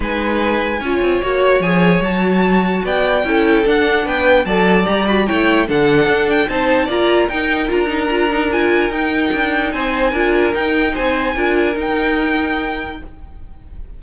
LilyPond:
<<
  \new Staff \with { instrumentName = "violin" } { \time 4/4 \tempo 4 = 148 gis''2. cis''4 | gis''4 a''2 g''4~ | g''4 fis''4 g''4 a''4 | ais''8 b''8 g''4 fis''4. g''8 |
a''4 ais''4 g''4 ais''4~ | ais''4 gis''4 g''2 | gis''2 g''4 gis''4~ | gis''4 g''2. | }
  \new Staff \with { instrumentName = "violin" } { \time 4/4 b'2 cis''2~ | cis''2. d''4 | a'2 b'4 d''4~ | d''4 cis''4 a'2 |
c''4 d''4 ais'2~ | ais'1 | c''4 ais'2 c''4 | ais'1 | }
  \new Staff \with { instrumentName = "viola" } { \time 4/4 dis'2 f'4 fis'4 | gis'4 fis'2. | e'4 d'2 a'4 | g'8 fis'8 e'4 d'2 |
dis'4 f'4 dis'4 f'8 dis'8 | f'8 dis'8 f'4 dis'2~ | dis'4 f'4 dis'2 | f'4 dis'2. | }
  \new Staff \with { instrumentName = "cello" } { \time 4/4 gis2 cis'8 c'8 ais4 | f4 fis2 b4 | cis'4 d'4 b4 fis4 | g4 a4 d4 d'4 |
c'4 ais4 dis'4 d'4~ | d'2 dis'4 d'4 | c'4 d'4 dis'4 c'4 | d'4 dis'2. | }
>>